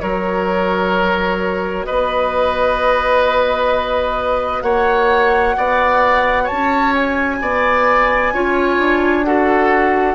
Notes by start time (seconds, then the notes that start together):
0.00 F#3 F#4 A#4 C#5
1.85 B3 B4 D#5
4.62 A#3 C#5 F#5
5.57 B3 D5
6.44 C#5 A5
6.51 C#4
6.94 G#5
7.41 B3 D5
8.33 C#4 F4 C#5
8.78 D4
9.24 F#4 A4 F#5